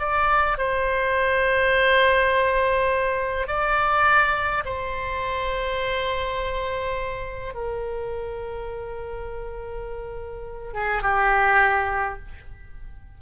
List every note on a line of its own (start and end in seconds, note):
0.00 0.58 D5
0.58 3.48 C5
3.48 4.64 D5
4.66 7.55 C5
7.55 10.74 A#4
10.74 11.03 G#4
11.03 12.19 G4